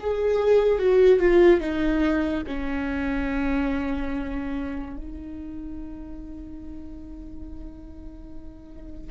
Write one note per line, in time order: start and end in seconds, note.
0.00 0.79 G#4
0.79 1.20 F#4
1.20 1.61 F4
1.61 2.44 D#4
2.47 4.97 C#4
4.97 9.11 D#4